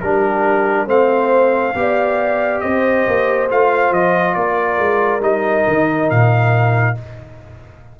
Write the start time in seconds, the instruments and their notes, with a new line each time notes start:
0.00 tuba G3, trombone D4, horn G4, trumpet A#4
0.86 tuba A3, trombone C4, horn C5, trumpet F5
1.74 tuba B3, trombone G4, horn D5
2.60 tuba C4, horn C5, trumpet D#5
3.07 tuba A#3
3.49 tuba A3, trombone F4, trumpet F5
3.91 tuba F3, trumpet D#5
4.34 tuba A#3, horn A#4, trumpet D5
4.78 tuba G#3
5.20 tuba G3, trombone D#4, trumpet D#5
5.67 tuba D#3
6.10 tuba A#2, trumpet F5